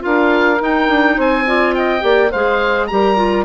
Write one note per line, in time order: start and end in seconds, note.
0.00 0.61 D4
0.00 0.57 F4
0.00 1.16 A#4
0.00 0.62 F5
0.60 1.46 D#4
0.60 0.89 D#4
0.60 1.21 G5
0.89 1.18 D4
1.16 2.03 C4
1.16 1.45 C5
1.16 1.75 G#5
1.46 2.00 F4
1.46 1.75 D5
1.75 2.03 D#5
1.75 2.32 G5
2.00 2.32 A#3
2.00 2.29 G4
2.00 2.31 D5
2.31 2.91 G#3
2.31 2.90 G#4
2.31 2.88 C5
2.31 2.87 F5
2.87 3.45 G3
2.87 3.17 G4
2.87 3.45 A#4
2.87 3.44 A#5
3.17 3.45 F4